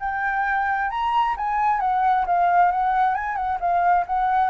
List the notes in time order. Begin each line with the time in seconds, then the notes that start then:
0.00 G5
0.90 A#5
1.37 G#5
1.80 F#5
2.26 F5
2.71 F#5
3.15 G#5
3.36 F#5
3.60 F5
4.07 F#5